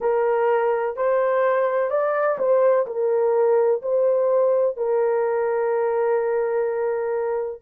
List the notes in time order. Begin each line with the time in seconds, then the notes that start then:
0.00 A#4
0.96 C5
1.90 D5
2.38 C5
2.86 A#4
3.81 C5
4.77 A#4